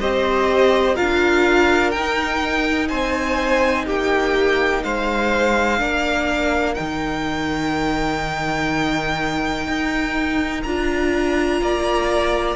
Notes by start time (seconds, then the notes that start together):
0.00 C4 G4 C5 D#5
0.95 D4 F4 A#4 F5
1.91 D#4 G5
1.97 D#4
2.88 C4 C5 G#5
3.86 A#3 G4 G5
4.83 G#3 C5 F5
5.78 A#3 D4 A#4
6.74 D#3 D#4 G5
9.67 D#4
10.63 D4 F4 A#5
11.61 A#3 D5